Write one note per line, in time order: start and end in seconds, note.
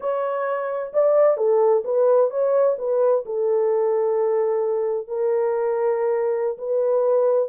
0.00 0.92 C#5
0.93 1.37 D5
1.37 1.83 A4
1.84 2.30 B4
2.30 2.76 C#5
2.78 3.24 B4
3.25 5.07 A4
5.07 6.57 A#4
6.57 7.49 B4